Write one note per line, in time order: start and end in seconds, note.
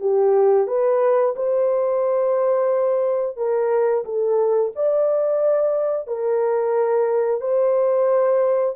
0.00 0.67 G4
0.67 1.35 B4
1.36 3.36 C5
3.36 4.04 A#4
4.04 4.72 A4
4.75 6.07 D5
6.07 7.40 A#4
7.40 8.75 C5